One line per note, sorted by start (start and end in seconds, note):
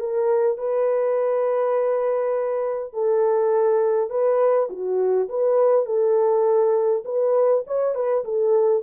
0.00 0.58 A#4
0.58 2.93 B4
2.94 4.10 A4
4.10 4.69 B4
4.70 5.29 F#4
5.29 5.86 B4
5.86 7.03 A4
7.05 7.64 B4
7.67 7.95 C#5
7.95 8.24 B4
8.25 8.83 A4